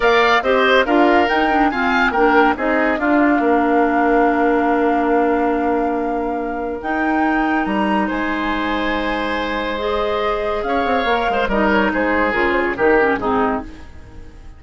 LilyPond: <<
  \new Staff \with { instrumentName = "flute" } { \time 4/4 \tempo 4 = 141 f''4 dis''4 f''4 g''4 | gis''4 g''4 dis''4 f''4~ | f''1~ | f''1 |
g''2 ais''4 gis''4~ | gis''2. dis''4~ | dis''4 f''2 dis''8 cis''8 | c''4 ais'8 c''16 cis''16 ais'4 gis'4 | }
  \new Staff \with { instrumentName = "oboe" } { \time 4/4 d''4 c''4 ais'2 | f''4 ais'4 gis'4 f'4 | ais'1~ | ais'1~ |
ais'2. c''4~ | c''1~ | c''4 cis''4. c''8 ais'4 | gis'2 g'4 dis'4 | }
  \new Staff \with { instrumentName = "clarinet" } { \time 4/4 ais'4 g'4 f'4 dis'8 d'8 | c'4 d'4 dis'4 d'4~ | d'1~ | d'1 |
dis'1~ | dis'2. gis'4~ | gis'2 ais'4 dis'4~ | dis'4 f'4 dis'8 cis'8 c'4 | }
  \new Staff \with { instrumentName = "bassoon" } { \time 4/4 ais4 c'4 d'4 dis'4 | f'4 ais4 c'4 d'4 | ais1~ | ais1 |
dis'2 g4 gis4~ | gis1~ | gis4 cis'8 c'8 ais8 gis8 g4 | gis4 cis4 dis4 gis,4 | }
>>